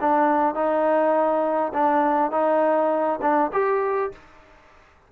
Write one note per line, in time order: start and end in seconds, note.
0.00 0.55 D4
0.55 1.72 D#4
1.73 2.31 D4
2.31 3.19 D#4
3.21 3.51 D4
3.53 4.11 G4